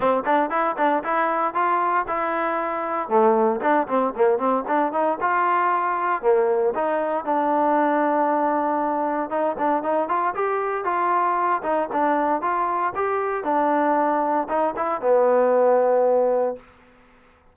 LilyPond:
\new Staff \with { instrumentName = "trombone" } { \time 4/4 \tempo 4 = 116 c'8 d'8 e'8 d'8 e'4 f'4 | e'2 a4 d'8 c'8 | ais8 c'8 d'8 dis'8 f'2 | ais4 dis'4 d'2~ |
d'2 dis'8 d'8 dis'8 f'8 | g'4 f'4. dis'8 d'4 | f'4 g'4 d'2 | dis'8 e'8 b2. | }